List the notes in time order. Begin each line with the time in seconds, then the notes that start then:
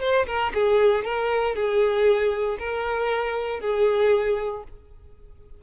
0.00 C5
0.26 A#4
0.54 G#4
1.04 A#4
1.55 G#4
2.59 A#4
3.60 G#4